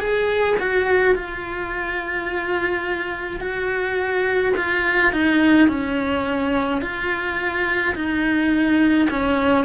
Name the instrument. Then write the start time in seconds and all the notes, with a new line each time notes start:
cello
0.00 G#4
0.60 F#4
1.15 F4
3.41 F#4
4.57 F4
5.13 D#4
5.69 C#4
6.82 F4
7.95 D#4
9.10 C#4